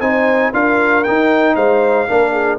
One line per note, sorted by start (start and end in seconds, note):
0.00 0.52 C4
0.00 0.52 D#4
0.00 0.52 C5
0.00 0.52 G#5
0.52 1.05 D4
0.52 1.04 F4
0.52 1.55 A#4
0.52 1.03 F5
1.03 2.07 D#4
1.03 1.55 D#4
1.03 1.55 G5
1.55 2.07 G#3
1.55 2.07 C5
1.55 2.58 F5
2.07 2.58 A#3
2.07 2.58 D4
2.07 2.32 A#4
2.32 2.57 G#4